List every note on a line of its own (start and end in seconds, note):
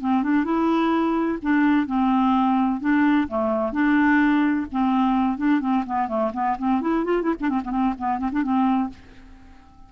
0.00 0.22 C4
0.22 0.44 D4
0.44 1.38 E4
1.42 1.86 D4
1.86 2.80 C4
2.80 3.27 D4
3.28 3.72 A3
3.72 4.66 D4
4.71 5.37 C4
5.37 5.60 D4
5.60 5.84 C4
5.86 6.08 B3
6.08 6.31 A3
6.33 6.56 B3
6.58 6.81 C4
6.81 7.04 E4
7.04 7.22 F4
7.22 7.34 E4
7.40 7.49 D4
7.49 7.61 C4
7.64 7.70 B3
7.70 7.94 C4
7.98 8.18 B3
8.18 8.30 C4
8.31 8.42 D4
8.42 8.89 C4